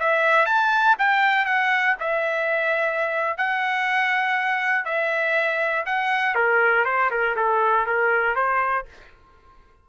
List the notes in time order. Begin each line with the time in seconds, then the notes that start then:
0.00 E5
0.46 A5
0.99 G5
1.45 F#5
2.00 E5
3.38 F#5
4.85 E5
5.86 F#5
6.35 A#4
6.85 C5
7.11 A#4
7.36 A4
7.86 A#4
8.35 C5